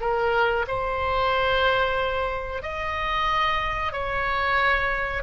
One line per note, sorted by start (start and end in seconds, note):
0.00 0.65 A#4
0.67 2.62 C5
2.62 3.92 D#5
3.92 5.22 C#5